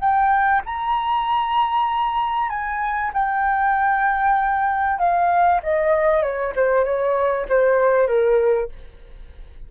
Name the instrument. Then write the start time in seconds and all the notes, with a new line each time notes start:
flute
0.00 G5
0.66 A#5
2.50 G#5
3.14 G5
4.99 F5
5.63 D#5
6.23 C#5
6.56 C5
6.85 C#5
7.49 C5
8.08 A#4